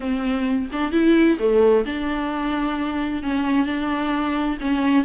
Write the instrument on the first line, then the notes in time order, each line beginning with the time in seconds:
viola
0.00 C4
0.72 D4
0.92 E4
1.39 A3
1.85 D4
3.22 C#4
3.65 D4
4.61 C#4